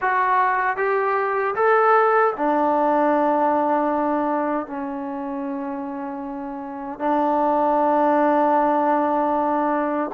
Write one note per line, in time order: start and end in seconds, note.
0.01 0.77 F#4
0.77 1.54 G4
1.55 2.33 A4
2.36 4.66 D4
4.66 6.99 C#4
6.99 10.11 D4